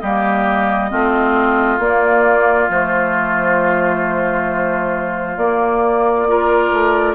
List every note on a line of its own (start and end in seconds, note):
0.00 0.92 G3
0.00 0.90 A#3
0.00 0.90 G4
0.00 1.79 D#5
0.90 1.79 A3
0.90 1.79 C4
0.90 6.28 F4
1.79 2.68 A#3
1.79 2.69 A#3
1.79 2.69 D5
2.69 5.37 F3
2.69 5.38 A3
2.69 5.37 C5
5.37 6.71 A#3
5.37 6.27 A#3
5.37 7.15 D5
6.27 7.15 F4
6.27 7.15 A#4
6.72 7.15 A3